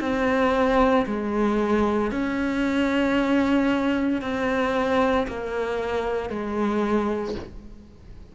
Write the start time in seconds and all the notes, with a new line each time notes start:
0.00 C4
1.06 G#3
2.11 C#4
4.21 C4
5.27 A#3
6.29 G#3